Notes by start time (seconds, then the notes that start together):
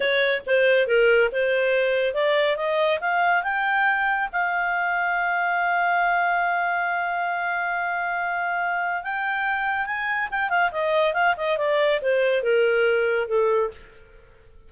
0.00 C#5
0.46 C5
0.87 A#4
1.31 C5
2.14 D5
2.56 D#5
3.00 F5
3.43 G5
4.32 F5
9.03 G5
9.86 G#5
10.30 G5
10.49 F5
10.71 D#5
11.13 F5
11.36 D#5
11.57 D5
12.01 C5
12.43 A#4
13.28 A4